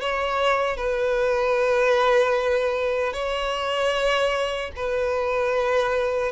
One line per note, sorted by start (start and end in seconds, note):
0.00 0.76 C#5
0.76 3.13 B4
3.13 4.71 C#5
4.75 6.32 B4